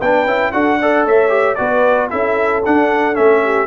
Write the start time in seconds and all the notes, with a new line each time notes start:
0.00 B3 D4 B4 G5
0.26 C#4 E4
0.52 D4 F#4 A4 F#5
0.81 A4 D5
1.05 A3 C#5 E5
1.29 G4
1.56 B3 F#4 B4 D5
2.11 C#4 E4 A4 E5
2.66 D4 F#5
3.14 A3 C#4 E5
3.43 G4